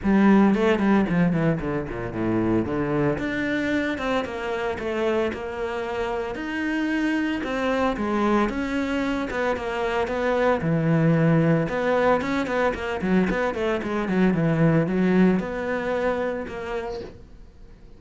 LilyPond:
\new Staff \with { instrumentName = "cello" } { \time 4/4 \tempo 4 = 113 g4 a8 g8 f8 e8 d8 ais,8 | a,4 d4 d'4. c'8 | ais4 a4 ais2 | dis'2 c'4 gis4 |
cis'4. b8 ais4 b4 | e2 b4 cis'8 b8 | ais8 fis8 b8 a8 gis8 fis8 e4 | fis4 b2 ais4 | }